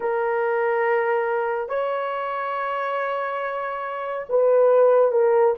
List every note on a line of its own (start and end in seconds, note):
0.00 1.68 A#4
1.68 4.25 C#5
4.29 5.11 B4
5.11 5.54 A#4